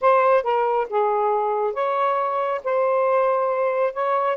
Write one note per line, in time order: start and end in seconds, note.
0.01 0.43 C5
0.43 0.87 A#4
0.89 1.73 G#4
1.73 2.61 C#5
2.64 3.93 C5
3.93 4.36 C#5